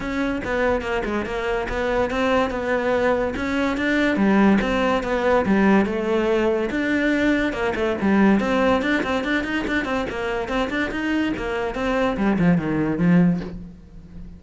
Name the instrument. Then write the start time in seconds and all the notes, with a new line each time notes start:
cello
0.00 C#4
0.44 B3
0.81 A#3
1.04 G#3
1.25 A#3
1.68 B3
2.10 C4
2.50 B3
3.36 C#4
3.77 D4
4.16 G3
4.61 C4
5.03 B3
5.45 G3
5.85 A3
6.70 D4
7.52 A#3
7.75 A3
8.01 G3
8.40 C4
8.81 D4
9.03 C4
9.24 D4
9.44 D#4
9.67 D4
9.84 C4
10.09 A#3
10.48 C4
10.70 D4
10.91 D#4
11.36 A#3
11.74 C4
12.17 G3
12.38 F3
12.57 D#3
12.98 F3